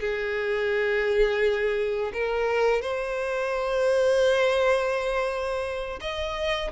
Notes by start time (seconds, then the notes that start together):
0.00 G#4
2.13 A#4
2.82 C5
6.01 D#5